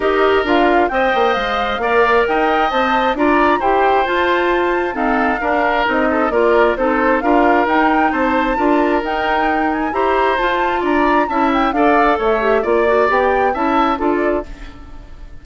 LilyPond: <<
  \new Staff \with { instrumentName = "flute" } { \time 4/4 \tempo 4 = 133 dis''4 f''4 g''4 f''4~ | f''4 g''4 a''4 ais''4 | g''4 a''2 f''4~ | f''4 dis''4 d''4 c''4 |
f''4 g''4 a''2 | g''4. gis''8 ais''4 a''4 | ais''4 a''8 g''8 f''4 e''4 | d''4 g''4 a''4 d''4 | }
  \new Staff \with { instrumentName = "oboe" } { \time 4/4 ais'2 dis''2 | d''4 dis''2 d''4 | c''2. a'4 | ais'4. a'8 ais'4 a'4 |
ais'2 c''4 ais'4~ | ais'2 c''2 | d''4 e''4 d''4 cis''4 | d''2 e''4 a'4 | }
  \new Staff \with { instrumentName = "clarinet" } { \time 4/4 g'4 f'4 c''2 | ais'2 c''4 f'4 | g'4 f'2 c'4 | d'4 dis'4 f'4 dis'4 |
f'4 dis'2 f'4 | dis'2 g'4 f'4~ | f'4 e'4 a'4. g'8 | f'8 fis'8 g'4 e'4 f'4 | }
  \new Staff \with { instrumentName = "bassoon" } { \time 4/4 dis'4 d'4 c'8 ais8 gis4 | ais4 dis'4 c'4 d'4 | e'4 f'2 dis'4 | d'4 c'4 ais4 c'4 |
d'4 dis'4 c'4 d'4 | dis'2 e'4 f'4 | d'4 cis'4 d'4 a4 | ais4 b4 cis'4 d'4 | }
>>